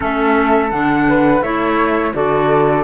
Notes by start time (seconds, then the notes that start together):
0.00 A3 C#4 A4 E5
0.70 D3 D4 F#5
1.08 B4
1.41 A3 E4 C#5 E5
2.13 D3 F#4 A4 D5